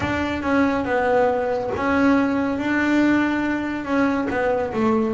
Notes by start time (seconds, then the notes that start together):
0.00 D4
0.42 C#4
0.85 B3
1.76 C#4
2.58 D4
3.85 C#4
4.29 B3
4.73 A3